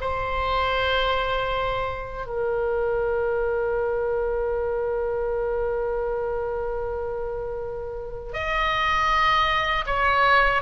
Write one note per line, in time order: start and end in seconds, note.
0.00 2.26 C5
2.26 8.33 A#4
8.33 9.85 D#5
9.86 10.62 C#5